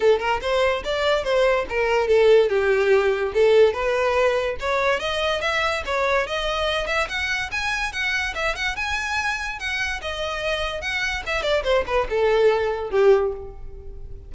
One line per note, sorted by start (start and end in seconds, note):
0.00 0.19 A4
0.19 0.40 A#4
0.41 0.83 C5
0.84 1.23 D5
1.23 1.65 C5
1.69 2.07 A#4
2.07 2.49 A4
2.49 3.32 G4
3.34 3.73 A4
3.73 4.56 B4
4.60 4.99 C#5
4.99 5.41 D#5
5.41 5.83 E5
5.85 6.27 C#5
6.27 6.87 D#5
6.87 7.07 E5
7.08 7.50 F#5
7.51 7.92 G#5
7.92 8.34 F#5
8.34 8.55 E5
8.55 8.75 F#5
8.75 9.59 G#5
9.59 10.00 F#5
10.01 10.81 D#5
10.81 11.23 F#5
11.26 11.42 E5
11.42 11.63 D5
11.63 11.84 C5
11.86 12.07 B4
12.09 12.90 A4
12.90 13.32 G4